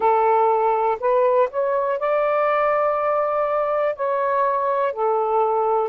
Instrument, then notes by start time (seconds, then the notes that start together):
saxophone
0.00 A4
1.00 B4
1.50 C#5
1.99 D5
3.95 C#5
4.92 A4